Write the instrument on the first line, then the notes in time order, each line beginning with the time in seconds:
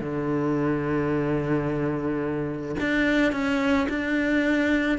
cello
0.00 D3
2.79 D4
3.32 C#4
3.88 D4